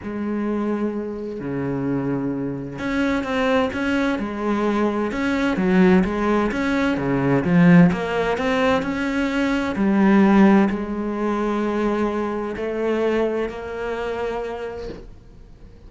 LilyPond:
\new Staff \with { instrumentName = "cello" } { \time 4/4 \tempo 4 = 129 gis2. cis4~ | cis2 cis'4 c'4 | cis'4 gis2 cis'4 | fis4 gis4 cis'4 cis4 |
f4 ais4 c'4 cis'4~ | cis'4 g2 gis4~ | gis2. a4~ | a4 ais2. | }